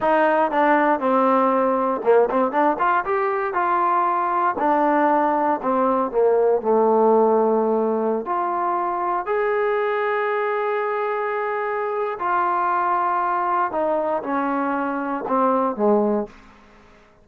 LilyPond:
\new Staff \with { instrumentName = "trombone" } { \time 4/4 \tempo 4 = 118 dis'4 d'4 c'2 | ais8 c'8 d'8 f'8 g'4 f'4~ | f'4 d'2 c'4 | ais4 a2.~ |
a16 f'2 gis'4.~ gis'16~ | gis'1 | f'2. dis'4 | cis'2 c'4 gis4 | }